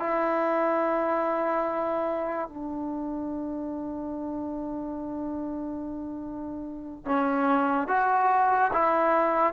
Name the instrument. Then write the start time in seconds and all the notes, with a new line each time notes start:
trombone
0.00 E4
2.49 D4
7.06 C#4
7.88 F#4
8.73 E4